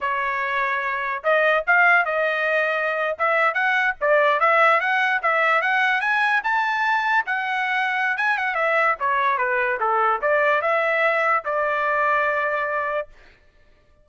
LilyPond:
\new Staff \with { instrumentName = "trumpet" } { \time 4/4 \tempo 4 = 147 cis''2. dis''4 | f''4 dis''2~ dis''8. e''16~ | e''8. fis''4 d''4 e''4 fis''16~ | fis''8. e''4 fis''4 gis''4 a''16~ |
a''4.~ a''16 fis''2~ fis''16 | gis''8 fis''8 e''4 cis''4 b'4 | a'4 d''4 e''2 | d''1 | }